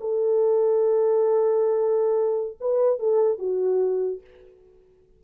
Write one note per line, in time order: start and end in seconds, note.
0.00 2.57 A4
2.60 2.99 B4
2.99 3.38 A4
3.38 4.20 F#4